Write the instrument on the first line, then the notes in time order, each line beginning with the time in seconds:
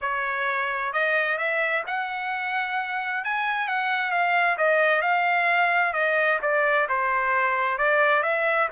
trumpet
0.01 C#5
0.92 D#5
1.38 E5
1.87 F#5
3.24 G#5
3.67 F#5
4.11 F5
4.57 D#5
5.01 F5
5.93 D#5
6.41 D5
6.88 C5
7.77 D5
8.22 E5